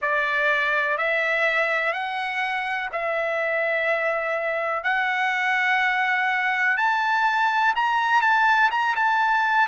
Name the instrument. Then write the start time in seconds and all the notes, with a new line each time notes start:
trumpet
0.01 D5
0.97 E5
1.92 F#5
2.92 E5
4.83 F#5
6.77 A5
7.75 A#5
8.21 A5
8.71 A#5
8.95 A5